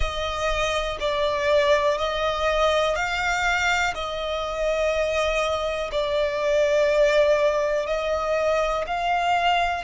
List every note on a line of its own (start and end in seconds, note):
0.00 0.97 D#5
1.00 1.98 D5
1.98 2.95 D#5
2.95 3.93 F5
3.94 5.91 D#5
5.91 7.86 D5
7.86 8.84 D#5
8.86 9.84 F5